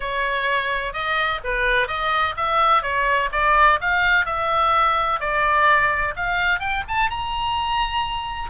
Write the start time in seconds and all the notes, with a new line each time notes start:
0.00 C#5
0.93 D#5
1.43 B4
1.87 D#5
2.36 E5
2.82 C#5
3.32 D5
3.80 F5
4.25 E5
5.20 D5
6.16 F5
6.59 G5
6.88 A5
7.10 A#5